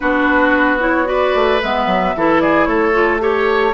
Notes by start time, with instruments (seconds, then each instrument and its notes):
0.00 bassoon B3, clarinet D4, oboe F#4, flute B4
0.80 clarinet E4, flute C#5
1.05 clarinet F#4, oboe B4, flute D5
1.34 bassoon A3
1.61 bassoon G#3, clarinet B3, flute E5
1.86 bassoon F#3
2.15 bassoon E3, clarinet E4, oboe A4
2.40 oboe G#4, flute D5
2.65 bassoon A3, oboe A4, flute C#5
2.93 clarinet F4
3.19 clarinet G4, flute A4, oboe C#5